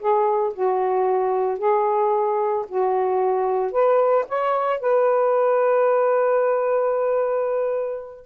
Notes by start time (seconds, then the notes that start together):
0.00 G#4
0.54 F#4
1.59 G#4
2.69 F#4
3.72 B4
4.29 C#5
4.80 B4